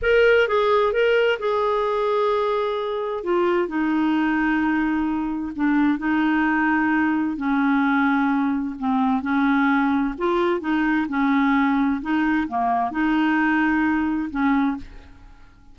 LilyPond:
\new Staff \with { instrumentName = "clarinet" } { \time 4/4 \tempo 4 = 130 ais'4 gis'4 ais'4 gis'4~ | gis'2. f'4 | dis'1 | d'4 dis'2. |
cis'2. c'4 | cis'2 f'4 dis'4 | cis'2 dis'4 ais4 | dis'2. cis'4 | }